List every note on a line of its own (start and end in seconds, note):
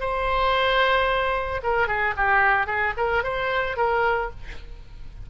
0.00 1.61 C5
1.63 1.87 A#4
1.87 2.14 G#4
2.17 2.66 G4
2.66 2.93 G#4
2.97 3.23 A#4
3.23 3.76 C5
3.76 4.30 A#4